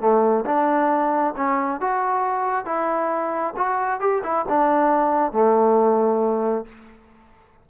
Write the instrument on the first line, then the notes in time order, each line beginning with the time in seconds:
trombone
0.00 A3
0.45 D4
1.36 C#4
1.81 F#4
2.65 E4
3.57 F#4
4.00 G4
4.23 E4
4.48 D4
5.32 A3